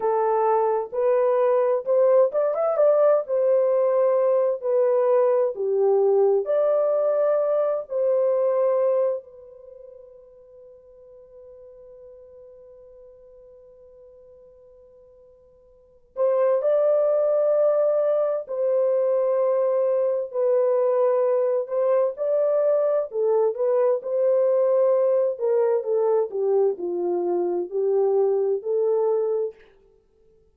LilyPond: \new Staff \with { instrumentName = "horn" } { \time 4/4 \tempo 4 = 65 a'4 b'4 c''8 d''16 e''16 d''8 c''8~ | c''4 b'4 g'4 d''4~ | d''8 c''4. b'2~ | b'1~ |
b'4. c''8 d''2 | c''2 b'4. c''8 | d''4 a'8 b'8 c''4. ais'8 | a'8 g'8 f'4 g'4 a'4 | }